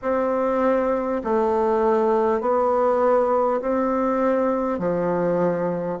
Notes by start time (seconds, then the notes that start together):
0.02 C4
1.23 A3
2.41 B3
3.61 C4
4.78 F3